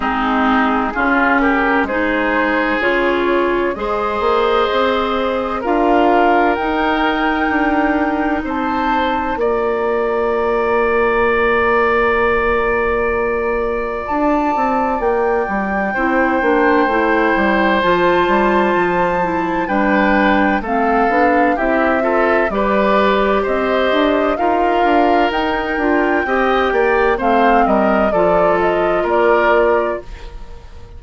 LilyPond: <<
  \new Staff \with { instrumentName = "flute" } { \time 4/4 \tempo 4 = 64 gis'4. ais'8 c''4 cis''4 | dis''2 f''4 g''4~ | g''4 a''4 ais''2~ | ais''2. a''4 |
g''2. a''4~ | a''4 g''4 f''4 e''4 | d''4 dis''4 f''4 g''4~ | g''4 f''8 dis''8 d''8 dis''8 d''4 | }
  \new Staff \with { instrumentName = "oboe" } { \time 4/4 dis'4 f'8 g'8 gis'2 | c''2 ais'2~ | ais'4 c''4 d''2~ | d''1~ |
d''4 c''2.~ | c''4 b'4 a'4 g'8 a'8 | b'4 c''4 ais'2 | dis''8 d''8 c''8 ais'8 a'4 ais'4 | }
  \new Staff \with { instrumentName = "clarinet" } { \time 4/4 c'4 cis'4 dis'4 f'4 | gis'2 f'4 dis'4~ | dis'2 f'2~ | f'1~ |
f'4 e'8 d'8 e'4 f'4~ | f'8 e'8 d'4 c'8 d'8 e'8 f'8 | g'2 f'4 dis'8 f'8 | g'4 c'4 f'2 | }
  \new Staff \with { instrumentName = "bassoon" } { \time 4/4 gis4 cis4 gis4 cis4 | gis8 ais8 c'4 d'4 dis'4 | d'4 c'4 ais2~ | ais2. d'8 c'8 |
ais8 g8 c'8 ais8 a8 g8 f8 g8 | f4 g4 a8 b8 c'4 | g4 c'8 d'8 dis'8 d'8 dis'8 d'8 | c'8 ais8 a8 g8 f4 ais4 | }
>>